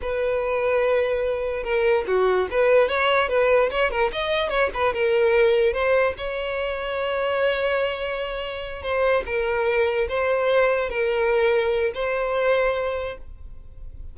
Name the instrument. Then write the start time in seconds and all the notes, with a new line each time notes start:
violin
0.01 B4
1.63 A#4
2.07 F#4
2.50 B4
2.88 C#5
3.29 B4
3.70 C#5
3.90 A#4
4.12 D#5
4.49 C#5
4.74 B4
4.93 A#4
5.73 C5
6.17 C#5
8.82 C5
9.25 A#4
10.09 C5
10.89 A#4
11.94 C5